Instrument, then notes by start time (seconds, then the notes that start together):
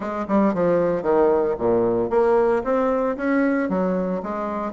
bassoon
0.00 G#3
0.28 G3
0.54 F3
1.02 D#3
1.58 A#2
2.10 A#3
2.63 C4
3.16 C#4
3.69 F#3
4.22 G#3